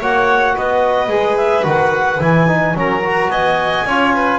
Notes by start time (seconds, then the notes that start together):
0.00 A#3 F#4 C#5 F#5
0.55 B3 B4 D#5
1.08 G#3 G#4
1.37 E5
1.64 D#3 F#4 F#5
2.20 E3 E4 G#5
2.48 D#4
2.75 F#3 C#4 A#4 A#5
3.04 F#4
3.29 B3 D#5 G#5
3.86 C#4 F4 C#5
4.14 B4